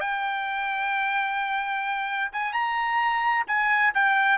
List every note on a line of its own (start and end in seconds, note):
0.00 2.31 G5
2.32 2.53 G#5
2.53 3.45 A#5
3.47 3.93 G#5
3.94 4.38 G5